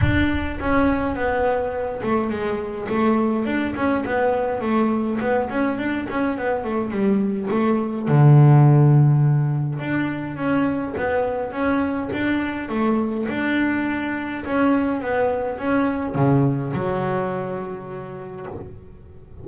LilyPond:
\new Staff \with { instrumentName = "double bass" } { \time 4/4 \tempo 4 = 104 d'4 cis'4 b4. a8 | gis4 a4 d'8 cis'8 b4 | a4 b8 cis'8 d'8 cis'8 b8 a8 | g4 a4 d2~ |
d4 d'4 cis'4 b4 | cis'4 d'4 a4 d'4~ | d'4 cis'4 b4 cis'4 | cis4 fis2. | }